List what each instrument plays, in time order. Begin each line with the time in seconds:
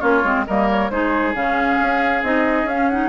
0.00 bassoon A#3, clarinet C#4, oboe F4, flute C#5
0.24 bassoon G#3, clarinet C4
0.46 bassoon G3, clarinet A#3, oboe A#4, flute D#5
0.69 flute C#5
0.90 bassoon G#3, clarinet D#4, oboe G#4, flute C5
1.34 bassoon C#3, clarinet C#4, flute F5
1.80 bassoon C#4
2.23 bassoon C4, clarinet D#4, flute D#5
2.64 bassoon C#4, flute F5
2.70 clarinet C#4
2.89 clarinet D#4, flute F#5